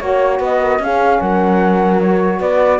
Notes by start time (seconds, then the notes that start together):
0.00 A#3 F#4 C#5
0.40 B3 B4 D#5
0.61 A#4
0.79 C#4 G#4 F5
1.21 F#3 A#4 F#5
2.00 F#4 C#5
2.40 B3 B4 D5